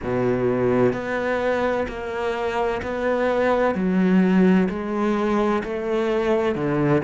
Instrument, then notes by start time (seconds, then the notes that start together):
cello
0.03 B2
0.92 B3
1.87 A#3
2.82 B3
3.75 F#3
4.69 G#3
5.63 A3
6.55 D3